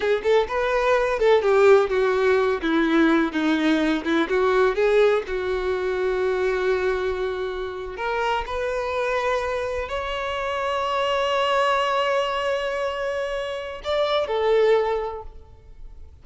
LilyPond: \new Staff \with { instrumentName = "violin" } { \time 4/4 \tempo 4 = 126 gis'8 a'8 b'4. a'8 g'4 | fis'4. e'4. dis'4~ | dis'8 e'8 fis'4 gis'4 fis'4~ | fis'1~ |
fis'8. ais'4 b'2~ b'16~ | b'8. cis''2.~ cis''16~ | cis''1~ | cis''4 d''4 a'2 | }